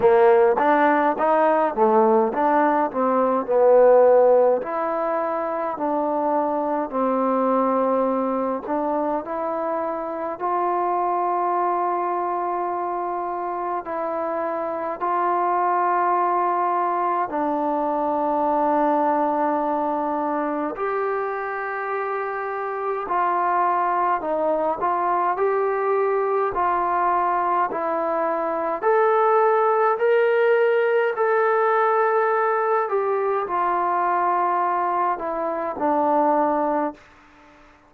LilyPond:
\new Staff \with { instrumentName = "trombone" } { \time 4/4 \tempo 4 = 52 ais8 d'8 dis'8 a8 d'8 c'8 b4 | e'4 d'4 c'4. d'8 | e'4 f'2. | e'4 f'2 d'4~ |
d'2 g'2 | f'4 dis'8 f'8 g'4 f'4 | e'4 a'4 ais'4 a'4~ | a'8 g'8 f'4. e'8 d'4 | }